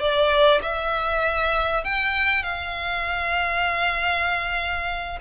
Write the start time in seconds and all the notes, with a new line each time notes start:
0.00 D5
0.62 E5
1.84 G5
2.43 F5